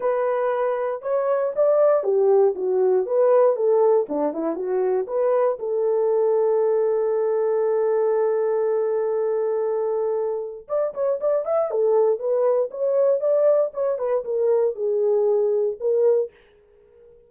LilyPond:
\new Staff \with { instrumentName = "horn" } { \time 4/4 \tempo 4 = 118 b'2 cis''4 d''4 | g'4 fis'4 b'4 a'4 | d'8 e'8 fis'4 b'4 a'4~ | a'1~ |
a'1~ | a'4 d''8 cis''8 d''8 e''8 a'4 | b'4 cis''4 d''4 cis''8 b'8 | ais'4 gis'2 ais'4 | }